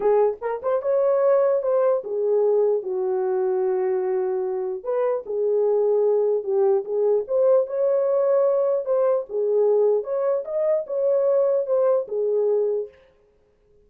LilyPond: \new Staff \with { instrumentName = "horn" } { \time 4/4 \tempo 4 = 149 gis'4 ais'8 c''8 cis''2 | c''4 gis'2 fis'4~ | fis'1 | b'4 gis'2. |
g'4 gis'4 c''4 cis''4~ | cis''2 c''4 gis'4~ | gis'4 cis''4 dis''4 cis''4~ | cis''4 c''4 gis'2 | }